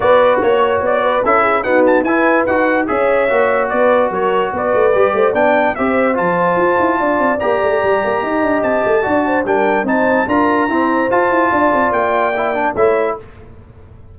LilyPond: <<
  \new Staff \with { instrumentName = "trumpet" } { \time 4/4 \tempo 4 = 146 d''4 cis''4 d''4 e''4 | fis''8 a''8 gis''4 fis''4 e''4~ | e''4 d''4 cis''4 d''4~ | d''4 g''4 e''4 a''4~ |
a''2 ais''2~ | ais''4 a''2 g''4 | a''4 ais''2 a''4~ | a''4 g''2 e''4 | }
  \new Staff \with { instrumentName = "horn" } { \time 4/4 b'4 cis''4. b'8 a'8 gis'8 | fis'4 b'2 cis''4~ | cis''4 b'4 ais'4 b'4~ | b'8 c''8 d''4 c''2~ |
c''4 d''2. | dis''2 d''8 c''8 ais'4 | c''4 ais'4 c''2 | d''2. cis''4 | }
  \new Staff \with { instrumentName = "trombone" } { \time 4/4 fis'2. e'4 | b4 e'4 fis'4 gis'4 | fis'1 | g'4 d'4 g'4 f'4~ |
f'2 g'2~ | g'2 fis'4 d'4 | dis'4 f'4 c'4 f'4~ | f'2 e'8 d'8 e'4 | }
  \new Staff \with { instrumentName = "tuba" } { \time 4/4 b4 ais4 b4 cis'4 | dis'4 e'4 dis'4 cis'4 | ais4 b4 fis4 b8 a8 | g8 a8 b4 c'4 f4 |
f'8 e'8 d'8 c'8 ais8 a8 g8 ais8 | dis'8 d'8 c'8 a8 d'4 g4 | c'4 d'4 e'4 f'8 e'8 | d'8 c'8 ais2 a4 | }
>>